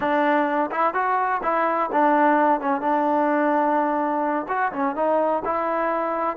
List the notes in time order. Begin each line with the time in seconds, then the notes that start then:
0.00 D4
0.71 E4
0.94 F#4
1.42 E4
1.92 D4
2.60 C#4
2.80 D4
4.48 F#4
4.72 C#4
4.95 D#4
5.45 E4